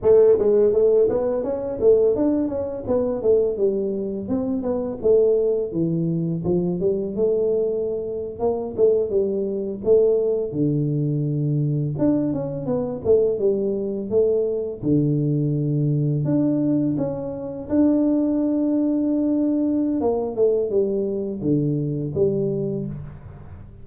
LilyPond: \new Staff \with { instrumentName = "tuba" } { \time 4/4 \tempo 4 = 84 a8 gis8 a8 b8 cis'8 a8 d'8 cis'8 | b8 a8 g4 c'8 b8 a4 | e4 f8 g8 a4.~ a16 ais16~ | ais16 a8 g4 a4 d4~ d16~ |
d8. d'8 cis'8 b8 a8 g4 a16~ | a8. d2 d'4 cis'16~ | cis'8. d'2.~ d'16 | ais8 a8 g4 d4 g4 | }